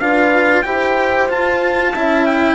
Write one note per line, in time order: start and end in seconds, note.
0.00 0.65 D4
0.00 0.65 F4
0.00 0.65 B4
0.00 0.63 F5
0.63 1.30 E4
0.63 1.29 G4
0.63 1.94 C5
0.63 1.27 G5
1.29 1.94 F4
1.29 1.96 F4
1.29 2.26 A5
1.94 2.55 C#4
1.94 2.55 E4
1.94 2.55 E5
2.26 2.55 G5